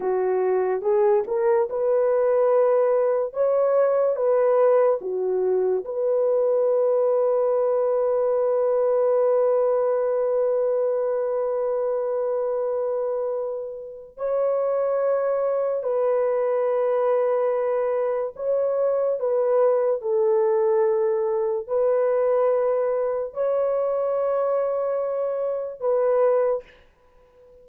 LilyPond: \new Staff \with { instrumentName = "horn" } { \time 4/4 \tempo 4 = 72 fis'4 gis'8 ais'8 b'2 | cis''4 b'4 fis'4 b'4~ | b'1~ | b'1~ |
b'4 cis''2 b'4~ | b'2 cis''4 b'4 | a'2 b'2 | cis''2. b'4 | }